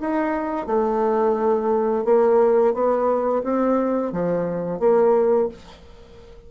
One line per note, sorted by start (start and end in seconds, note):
0.00 0.66 D#4
0.66 2.04 A3
2.05 2.74 A#3
2.74 3.43 B3
3.43 4.12 C4
4.12 4.79 F3
4.79 5.48 A#3